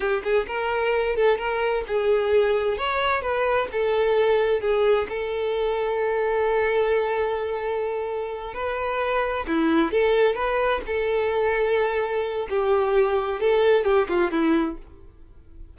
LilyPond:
\new Staff \with { instrumentName = "violin" } { \time 4/4 \tempo 4 = 130 g'8 gis'8 ais'4. a'8 ais'4 | gis'2 cis''4 b'4 | a'2 gis'4 a'4~ | a'1~ |
a'2~ a'8 b'4.~ | b'8 e'4 a'4 b'4 a'8~ | a'2. g'4~ | g'4 a'4 g'8 f'8 e'4 | }